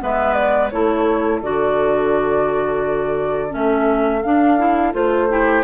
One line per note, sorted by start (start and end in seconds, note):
0.00 0.72 G#3
0.00 0.71 B3
0.00 0.73 B4
0.00 0.34 E5
0.34 0.69 D5
0.70 1.42 A3
0.70 1.43 E4
0.70 5.30 A4
0.70 1.41 C#5
1.42 3.54 D3
1.42 3.50 F#4
1.42 3.54 D5
3.50 4.24 A3
3.50 4.21 C#4
3.50 4.22 E5
4.22 4.94 D4
4.22 4.59 D4
4.22 4.93 F5
4.59 4.93 E4
4.93 5.64 A3
4.93 5.29 F4
4.93 5.64 C5
5.30 5.64 E4
5.30 5.64 G4